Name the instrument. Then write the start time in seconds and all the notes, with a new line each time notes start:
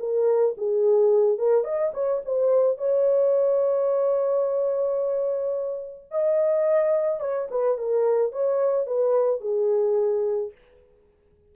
horn
0.00 A#4
0.58 G#4
1.39 A#4
1.64 D#5
1.94 C#5
2.25 C5
2.78 C#5
6.12 D#5
7.21 C#5
7.51 B4
7.78 A#4
8.33 C#5
8.87 B4
9.41 G#4